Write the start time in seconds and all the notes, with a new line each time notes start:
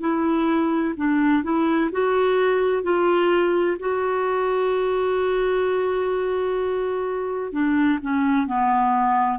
0.00 E4
0.96 D4
1.43 E4
1.91 F#4
2.83 F4
3.79 F#4
7.52 D4
8.01 C#4
8.46 B3